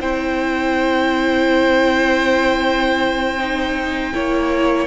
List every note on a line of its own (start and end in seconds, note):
0.00 4.12 C4
0.00 3.38 E4
0.00 4.13 C5
0.00 4.87 G5
3.38 4.12 D#4
4.12 4.87 A#3
4.12 4.87 E4
4.12 4.87 C#5